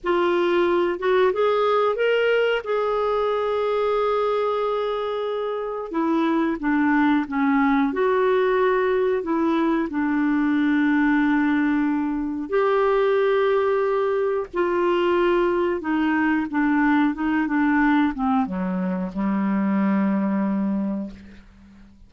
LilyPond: \new Staff \with { instrumentName = "clarinet" } { \time 4/4 \tempo 4 = 91 f'4. fis'8 gis'4 ais'4 | gis'1~ | gis'4 e'4 d'4 cis'4 | fis'2 e'4 d'4~ |
d'2. g'4~ | g'2 f'2 | dis'4 d'4 dis'8 d'4 c'8 | fis4 g2. | }